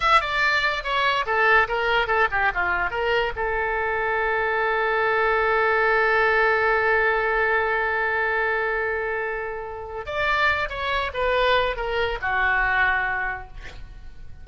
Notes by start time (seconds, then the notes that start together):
0.00 E5
0.20 D5
0.83 C#5
1.25 A4
1.68 A#4
2.07 A4
2.31 G4
2.54 F4
2.90 A#4
3.35 A4
10.05 D5
10.69 C#5
11.13 B4
11.76 A#4
12.21 F#4